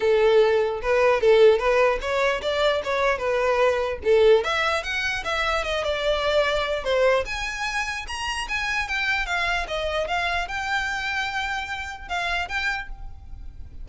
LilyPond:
\new Staff \with { instrumentName = "violin" } { \time 4/4 \tempo 4 = 149 a'2 b'4 a'4 | b'4 cis''4 d''4 cis''4 | b'2 a'4 e''4 | fis''4 e''4 dis''8 d''4.~ |
d''4 c''4 gis''2 | ais''4 gis''4 g''4 f''4 | dis''4 f''4 g''2~ | g''2 f''4 g''4 | }